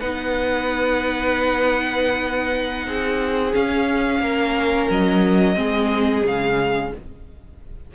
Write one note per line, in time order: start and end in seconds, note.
0.00 2.86 B3
0.00 3.53 D#4
0.00 2.87 B4
0.00 3.54 F#5
2.86 3.54 C4
2.86 4.23 G#4
3.53 5.55 C#4
3.53 4.20 C#4
3.53 4.90 F5
4.20 4.87 A#3
4.20 5.57 A#4
4.90 5.56 F#3
4.90 6.26 D#5
5.55 6.24 G#3
5.55 6.23 C4
5.55 6.92 G#4
6.25 6.92 C#3
6.25 6.95 G#3
6.25 6.94 F5